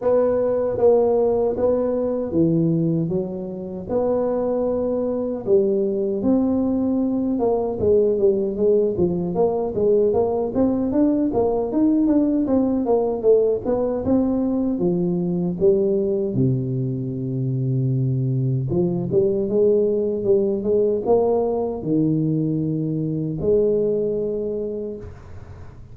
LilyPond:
\new Staff \with { instrumentName = "tuba" } { \time 4/4 \tempo 4 = 77 b4 ais4 b4 e4 | fis4 b2 g4 | c'4. ais8 gis8 g8 gis8 f8 | ais8 gis8 ais8 c'8 d'8 ais8 dis'8 d'8 |
c'8 ais8 a8 b8 c'4 f4 | g4 c2. | f8 g8 gis4 g8 gis8 ais4 | dis2 gis2 | }